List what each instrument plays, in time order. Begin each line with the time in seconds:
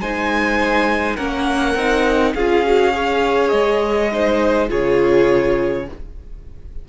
0.00 cello G#3, viola D#4, violin C5 G#5
1.16 cello A#3, viola C#4, violin A#4 F#5
1.75 cello C4, viola D#4
2.34 cello C#4, viola F4, violin G#4 F5
2.65 viola F#4
2.92 viola G#4, violin C#5
3.49 cello G#3, violin D#5
4.12 viola D#4, violin C5
4.69 cello C#3, viola F4, violin G#4 C#5